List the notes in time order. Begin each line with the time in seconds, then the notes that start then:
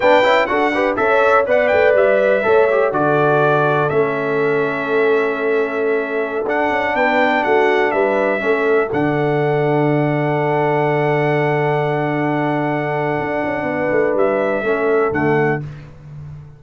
0.00 B3 D4 B4 G5
0.23 C#4 E4
0.46 D4 F#4 A4 F#5
0.73 G4 B4
0.96 C#4 A4 C#5 E5
1.46 B3 B4 D5 F#5
1.67 A3 G5
1.94 G3 E5
2.43 A3 A4 C#5
2.70 G4
2.91 D3 F#4 A4 D5
3.89 A3 C#4 E5
6.45 D4 F#5
6.70 C#4
6.94 B3 B4 G5
7.43 A3 F#4 F#5
7.91 G3 B4 E5
8.39 A3 C#4 A4
8.92 D3 D4 F#5
13.19 D4
13.44 C#4
13.62 B3 B4
13.91 A3
14.14 G3 E5
14.62 A3 C#4 A4
15.11 D3 A3 F#5